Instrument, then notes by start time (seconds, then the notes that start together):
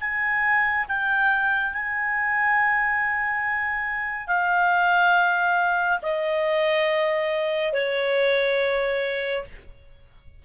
clarinet
0.00 G#5
0.88 G5
1.73 G#5
4.27 F5
6.02 D#5
7.73 C#5